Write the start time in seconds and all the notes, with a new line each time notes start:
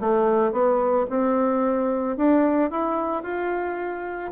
0.00 A3
0.52 B3
1.10 C4
2.17 D4
2.70 E4
3.23 F4